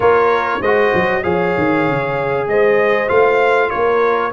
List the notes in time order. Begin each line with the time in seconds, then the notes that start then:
0.00 A#3 F4 A#4 C#5
0.60 G#3 F#4 C5 D#5
0.93 F#3
1.23 F3 G#4 C#5 F5
1.57 D#3
1.87 C#3
2.47 G#3 C5 D#5
3.07 A3 F4 F5
3.69 A#3 A#4 C#5